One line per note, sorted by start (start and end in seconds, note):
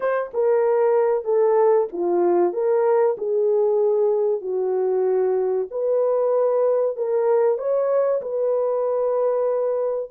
0.00 0.31 C5
0.33 1.24 A#4
1.24 1.87 A4
1.92 2.53 F4
2.53 3.16 A#4
3.18 4.41 G#4
4.41 5.67 F#4
5.70 6.96 B4
6.96 7.58 A#4
7.58 8.21 C#5
8.21 10.10 B4